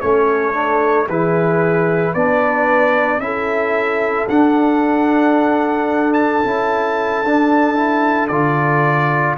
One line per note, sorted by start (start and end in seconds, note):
0.00 1.08 A3
0.00 0.53 C#4
0.00 1.07 A4
0.00 1.07 C#5
0.53 1.07 D4
1.07 2.15 E3
1.07 2.16 E4
1.07 2.12 G#4
1.07 2.14 B4
2.12 3.18 B3
2.12 3.21 D4
2.12 3.20 B4
2.12 3.20 D5
3.18 4.25 C#4
3.18 4.28 E4
3.18 9.38 A4
3.18 4.27 E5
4.29 6.43 D4
4.29 6.13 F#5
6.13 8.28 A5
6.44 7.23 C#4
6.44 7.24 E4
7.23 8.30 D4
7.23 7.75 D4
7.75 8.29 E4
8.28 9.37 D3
8.28 9.38 F4
8.28 9.35 D5